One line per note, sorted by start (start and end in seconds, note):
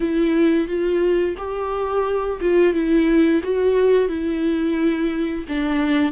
0.00 0.67 E4
0.67 1.35 F4
1.37 2.40 G4
2.40 2.73 F4
2.73 3.41 E4
3.43 4.08 F#4
4.08 5.44 E4
5.48 6.12 D4